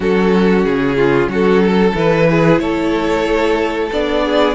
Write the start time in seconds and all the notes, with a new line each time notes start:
0.00 F#3 C#4 F#4 A4
0.64 C#3 G#4
0.96 F4
1.27 F#3 F#4 A4
1.63 A4
1.95 E3 E4 B4
2.30 G#4
2.59 A3 A4 C#5
3.91 B3 D4 D5
4.24 G#4